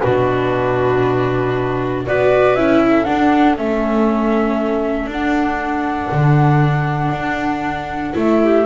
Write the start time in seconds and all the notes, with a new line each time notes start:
0.00 B2 D4 F#4 B4
2.06 B3 F#4 B4 D5
2.55 C#4 E4 E5
2.82 A4
3.04 D4 F#5
3.57 A3 C#4 E5
5.06 D4 F#5
5.12 D4
6.12 D3
7.12 D4
8.14 A3 E4 E5
8.44 G4